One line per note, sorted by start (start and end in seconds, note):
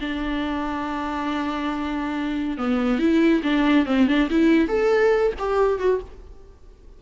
0.00 2.57 D4
2.57 2.99 B3
2.99 3.41 E4
3.43 3.86 D4
3.86 4.07 C4
4.07 4.29 D4
4.30 4.68 E4
4.68 5.32 A4
5.39 5.79 G4
5.79 6.00 F#4